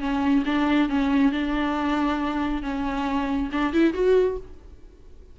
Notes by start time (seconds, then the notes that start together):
0.00 C#4
0.46 D4
0.89 C#4
1.32 D4
2.62 C#4
3.52 D4
3.73 E4
3.94 F#4